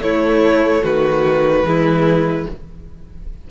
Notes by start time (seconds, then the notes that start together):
0.00 A3 E4 C#5
0.84 D#3 F#4 B4
1.64 E3 G#3 E4